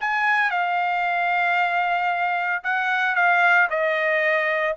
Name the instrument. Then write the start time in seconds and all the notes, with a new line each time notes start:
trumpet
0.00 G#5
0.50 F5
2.63 F#5
3.15 F5
3.70 D#5